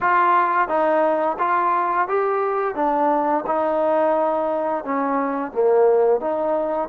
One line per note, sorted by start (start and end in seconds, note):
0.01 0.68 F4
0.68 1.37 D#4
1.39 2.08 F4
2.08 2.75 G4
2.75 3.44 D4
3.46 4.84 D#4
4.84 5.51 C#4
5.51 6.20 A#3
6.20 6.88 D#4